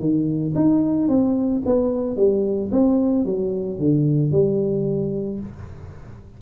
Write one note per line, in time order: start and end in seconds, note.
0.00 0.54 D#3
0.56 1.09 D#4
1.09 1.63 C4
1.66 2.17 B3
2.17 2.71 G3
2.72 3.25 C4
3.25 3.79 F#3
3.79 4.32 D3
4.32 5.40 G3